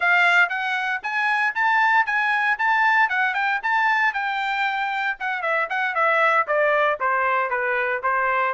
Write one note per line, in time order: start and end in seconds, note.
0.00 0.49 F5
0.49 1.01 F#5
1.02 1.54 G#5
1.54 2.05 A5
2.05 2.57 G#5
2.58 3.09 A5
3.09 3.34 F#5
3.34 3.59 G5
3.63 4.13 A5
4.13 5.17 G5
5.19 5.42 F#5
5.42 5.68 E5
5.69 5.94 F#5
5.94 6.46 E5
6.47 6.99 D5
6.99 7.50 C5
7.50 8.01 B4
8.02 8.54 C5